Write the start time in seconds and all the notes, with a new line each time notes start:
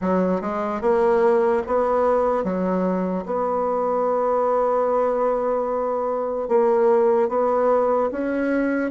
0.01 F#3
0.41 G#3
0.81 A#3
1.66 B3
2.43 F#3
3.25 B3
6.48 A#3
7.29 B3
8.11 C#4